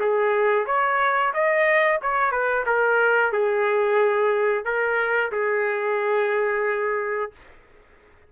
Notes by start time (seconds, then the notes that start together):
0.00 G#4
0.66 C#5
1.34 D#5
2.02 C#5
2.32 B4
2.66 A#4
3.33 G#4
4.65 A#4
5.32 G#4